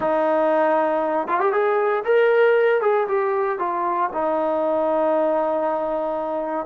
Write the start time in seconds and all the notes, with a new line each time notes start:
0.00 D#4
1.27 F4
1.40 G4
1.52 G#4
2.04 A#4
2.81 G#4
3.08 G4
3.58 F4
4.13 D#4